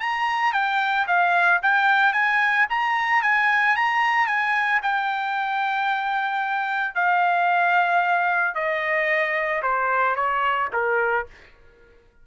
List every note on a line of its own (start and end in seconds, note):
0.00 0.53 A#5
0.53 1.06 G5
1.07 1.61 F5
1.62 2.13 G5
2.13 2.66 G#5
2.70 3.23 A#5
3.23 3.76 G#5
3.76 4.27 A#5
4.27 4.80 G#5
4.82 6.95 G5
6.95 8.55 F5
8.55 9.62 D#5
9.63 10.15 C5
10.15 10.69 C#5
10.73 11.26 A#4